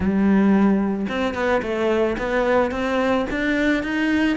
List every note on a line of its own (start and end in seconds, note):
0.00 1.06 G3
1.09 1.34 C4
1.34 1.61 B3
1.62 2.16 A3
2.18 2.71 B3
2.71 3.26 C4
3.30 3.83 D4
3.83 4.37 D#4